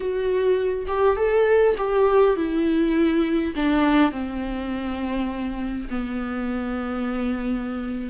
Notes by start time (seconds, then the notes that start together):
0.00 F#4
0.87 G4
1.16 A4
1.77 G4
2.36 E4
3.55 D4
4.11 C4
5.90 B3